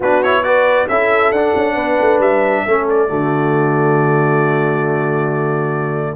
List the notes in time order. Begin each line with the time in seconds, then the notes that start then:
0.00 B3 D4 F#4 B4
0.22 E4 C#5
0.43 F#4 B4 D5
0.88 C#4 E4 A4 E5
1.31 D4 F#5
1.55 C#4
1.74 B3 B4
2.00 A3
2.19 G3 E5
2.66 A3 C#4 A4
2.89 D5
3.08 D3 A3 F#4